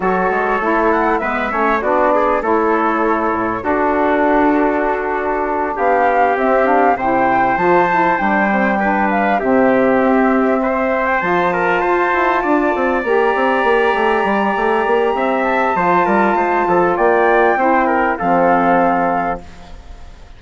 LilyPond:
<<
  \new Staff \with { instrumentName = "flute" } { \time 4/4 \tempo 4 = 99 cis''4. fis''8 e''4 d''4 | cis''2 a'2~ | a'4. f''4 e''8 f''8 g''8~ | g''8 a''4 g''4. f''8 e''8~ |
e''2~ e''16 g''16 a''4.~ | a''4. ais''2~ ais''8~ | ais''4. a''2~ a''8 | g''2 f''2 | }
  \new Staff \with { instrumentName = "trumpet" } { \time 4/4 a'2 b'8 cis''8 fis'8 gis'8 | a'2 fis'2~ | fis'4. g'2 c''8~ | c''2~ c''8 b'4 g'8~ |
g'4. c''4. ais'8 c''8~ | c''8 d''2.~ d''8~ | d''4 e''4 c''8 ais'8 c''8 a'8 | d''4 c''8 ais'8 a'2 | }
  \new Staff \with { instrumentName = "saxophone" } { \time 4/4 fis'4 e'4 b8 cis'8 d'4 | e'2 d'2~ | d'2~ d'8 c'8 d'8 e'8~ | e'8 f'8 e'8 d'8 c'8 d'4 c'8~ |
c'2~ c'8 f'4.~ | f'4. g'2~ g'8~ | g'2 f'2~ | f'4 e'4 c'2 | }
  \new Staff \with { instrumentName = "bassoon" } { \time 4/4 fis8 gis8 a4 gis8 a8 b4 | a4. a,8 d'2~ | d'4. b4 c'4 c8~ | c8 f4 g2 c8~ |
c8 c'2 f4 f'8 | e'8 d'8 c'8 ais8 c'8 ais8 a8 g8 | a8 ais8 c'4 f8 g8 gis8 f8 | ais4 c'4 f2 | }
>>